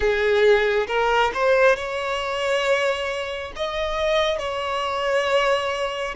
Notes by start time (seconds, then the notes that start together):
0.00 G#4
0.87 A#4
1.34 C5
1.76 C#5
3.55 D#5
4.38 C#5